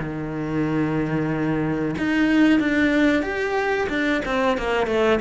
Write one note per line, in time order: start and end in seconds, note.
0.00 1.96 D#3
1.98 2.60 D#4
2.60 3.23 D4
3.23 3.88 G4
3.90 4.22 D4
4.26 4.58 C4
4.58 4.87 A#3
4.87 5.20 A3